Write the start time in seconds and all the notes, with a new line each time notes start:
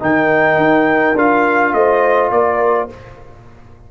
0.00 D#3 D#4 A#4 G5
0.57 D#4
1.16 D4 F4 F5
1.73 A3 C5 D#5
2.31 A#3 A#4 D5